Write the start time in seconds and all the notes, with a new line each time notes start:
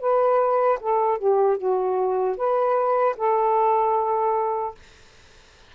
0.00 B4
0.80 A4
1.18 G4
1.58 F#4
2.37 B4
3.17 A4